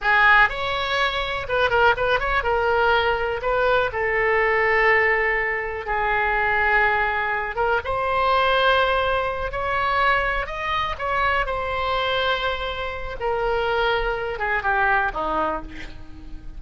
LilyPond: \new Staff \with { instrumentName = "oboe" } { \time 4/4 \tempo 4 = 123 gis'4 cis''2 b'8 ais'8 | b'8 cis''8 ais'2 b'4 | a'1 | gis'2.~ gis'8 ais'8 |
c''2.~ c''8 cis''8~ | cis''4. dis''4 cis''4 c''8~ | c''2. ais'4~ | ais'4. gis'8 g'4 dis'4 | }